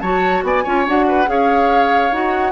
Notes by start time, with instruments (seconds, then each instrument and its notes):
0.00 bassoon F#3, clarinet F#4, oboe C#5, flute A5
0.43 bassoon B3, oboe D5, flute G#5
0.63 bassoon C#4, clarinet F4, oboe C#5
0.87 bassoon D4, clarinet F#4, flute F#5
1.08 oboe B4
1.26 bassoon C#4, clarinet G#4, oboe C#5, flute F5
2.11 bassoon D#4, clarinet F#4, flute F#5